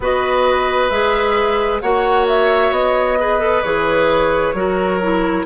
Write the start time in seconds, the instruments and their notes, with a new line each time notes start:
0.00 bassoon B3, clarinet F#4, oboe B4, flute D#5
0.89 bassoon G#3, clarinet G#4, flute E5
1.80 bassoon A#3, clarinet F#4, oboe C#5, flute F#5
2.27 flute E5
2.71 bassoon B3, flute D#5
3.19 clarinet G#4, oboe B4
3.39 clarinet A4
3.63 bassoon E3, clarinet G#4, flute C#5
4.53 bassoon F#3, clarinet F#4, oboe A#4
5.01 clarinet E4